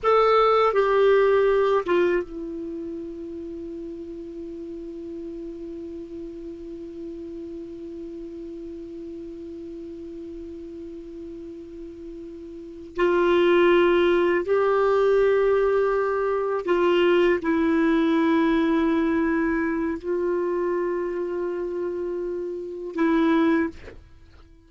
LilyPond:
\new Staff \with { instrumentName = "clarinet" } { \time 4/4 \tempo 4 = 81 a'4 g'4. f'8 e'4~ | e'1~ | e'1~ | e'1~ |
e'4. f'2 g'8~ | g'2~ g'8 f'4 e'8~ | e'2. f'4~ | f'2. e'4 | }